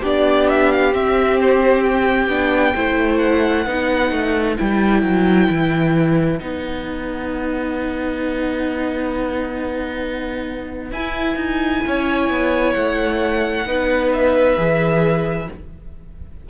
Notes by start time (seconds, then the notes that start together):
0.00 B3 D4 G4 D5
0.49 E5
0.71 F5
0.92 C4 E5
1.41 C5
1.83 G5
2.28 B3 D4
2.74 A3 E4 C5
3.18 F#5
3.65 B3 D#4 B4
4.11 A3
4.57 G3 E4 G5
5.02 F#3
5.49 E3
6.38 B3 D#4 F#5
10.91 E4 G#5
11.36 D#4
11.86 C#4 C#5
12.29 B3
12.73 A3 F#5
13.66 B3 D#4 B4
14.13 E5
14.56 E3 G#4